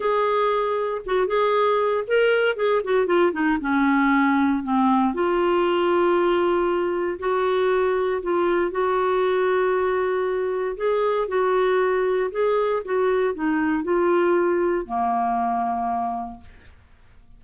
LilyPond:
\new Staff \with { instrumentName = "clarinet" } { \time 4/4 \tempo 4 = 117 gis'2 fis'8 gis'4. | ais'4 gis'8 fis'8 f'8 dis'8 cis'4~ | cis'4 c'4 f'2~ | f'2 fis'2 |
f'4 fis'2.~ | fis'4 gis'4 fis'2 | gis'4 fis'4 dis'4 f'4~ | f'4 ais2. | }